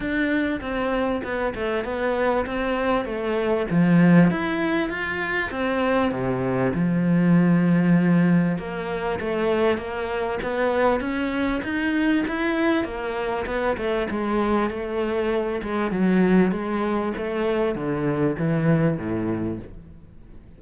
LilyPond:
\new Staff \with { instrumentName = "cello" } { \time 4/4 \tempo 4 = 98 d'4 c'4 b8 a8 b4 | c'4 a4 f4 e'4 | f'4 c'4 c4 f4~ | f2 ais4 a4 |
ais4 b4 cis'4 dis'4 | e'4 ais4 b8 a8 gis4 | a4. gis8 fis4 gis4 | a4 d4 e4 a,4 | }